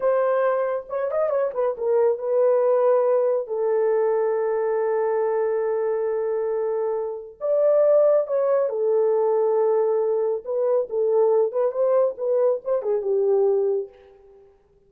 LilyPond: \new Staff \with { instrumentName = "horn" } { \time 4/4 \tempo 4 = 138 c''2 cis''8 dis''8 cis''8 b'8 | ais'4 b'2. | a'1~ | a'1~ |
a'4 d''2 cis''4 | a'1 | b'4 a'4. b'8 c''4 | b'4 c''8 gis'8 g'2 | }